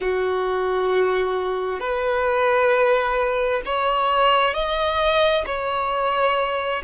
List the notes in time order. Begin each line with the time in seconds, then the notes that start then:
0.00 F#4
1.80 B4
3.65 C#5
4.54 D#5
5.45 C#5